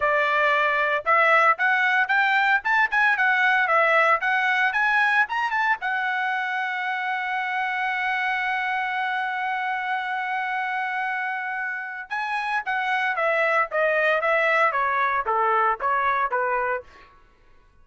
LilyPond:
\new Staff \with { instrumentName = "trumpet" } { \time 4/4 \tempo 4 = 114 d''2 e''4 fis''4 | g''4 a''8 gis''8 fis''4 e''4 | fis''4 gis''4 ais''8 a''8 fis''4~ | fis''1~ |
fis''1~ | fis''2. gis''4 | fis''4 e''4 dis''4 e''4 | cis''4 a'4 cis''4 b'4 | }